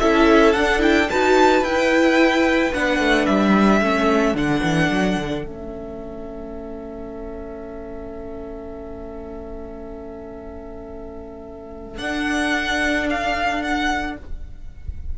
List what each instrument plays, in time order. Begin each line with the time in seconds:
0.00 cello C#4, viola E4, violin A4 E5
0.54 cello D4, viola D4, violin F#5
0.79 viola E4, violin G5
1.10 cello D#4, viola F#4, violin B4 A5
1.62 cello E4, viola E4, violin G5
2.74 cello B3, viola D4, violin F#5
3.00 cello A3
3.27 cello G3, violin E5
3.82 cello A3, viola C#4, violin A4
4.35 cello D3, viola D4, violin F#5
4.63 cello E3
4.91 cello F#3
5.17 cello D3
5.44 cello A3, viola C#4, violin E5
11.98 cello D4, viola D4, violin F#5
13.10 violin F5
13.63 violin F#5